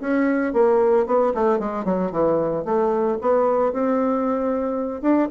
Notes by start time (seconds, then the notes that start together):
0.00 C#4
0.53 A#3
1.06 B3
1.34 A3
1.59 G#3
1.85 F#3
2.11 E3
2.65 A3
3.21 B3
3.73 C4
5.01 D4